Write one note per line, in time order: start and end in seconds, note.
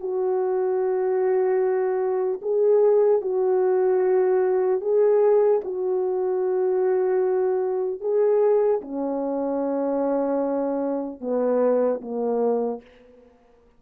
0.00 2.40 F#4
2.41 3.21 G#4
3.21 4.81 F#4
4.81 5.61 G#4
5.64 8.00 F#4
8.00 8.80 G#4
8.81 11.20 C#4
11.20 12.00 B3
12.01 12.81 A#3